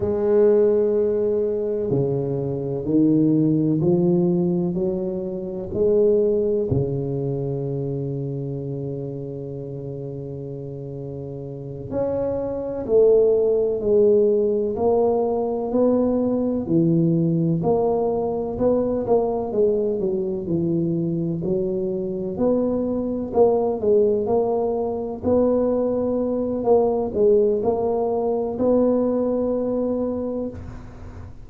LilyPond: \new Staff \with { instrumentName = "tuba" } { \time 4/4 \tempo 4 = 63 gis2 cis4 dis4 | f4 fis4 gis4 cis4~ | cis1~ | cis8 cis'4 a4 gis4 ais8~ |
ais8 b4 e4 ais4 b8 | ais8 gis8 fis8 e4 fis4 b8~ | b8 ais8 gis8 ais4 b4. | ais8 gis8 ais4 b2 | }